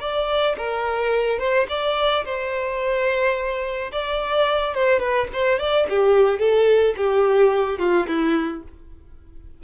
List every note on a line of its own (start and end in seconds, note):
0.00 0.56 D5
0.57 1.39 A#4
1.39 1.66 C5
1.68 2.24 D5
2.24 3.91 C5
3.91 4.74 D5
4.74 4.99 C5
4.99 5.27 B4
5.33 5.59 C5
5.59 5.87 D5
5.89 6.39 G4
6.39 6.94 A4
6.97 7.79 G4
7.79 8.06 F4
8.07 8.63 E4